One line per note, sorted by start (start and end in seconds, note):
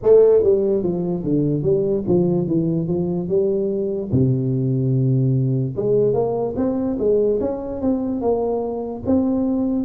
0.03 0.43 A3
0.43 0.83 G3
0.83 1.23 F3
1.23 1.62 D3
1.62 2.03 G3
2.07 2.47 F3
2.47 2.87 E3
2.87 3.28 F3
3.28 4.10 G3
4.11 5.76 C3
5.76 6.13 G#3
6.13 6.54 A#3
6.56 6.97 C4
6.99 7.40 G#3
7.40 7.81 C#4
7.81 8.21 C4
8.21 9.03 A#3
9.06 9.85 C4